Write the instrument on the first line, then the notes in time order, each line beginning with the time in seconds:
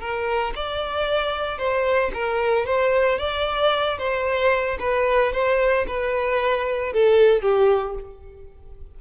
violin
0.00 A#4
0.55 D5
1.58 C5
2.14 A#4
2.65 C5
3.18 D5
3.98 C5
4.79 B4
5.32 C5
5.87 B4
6.93 A4
7.41 G4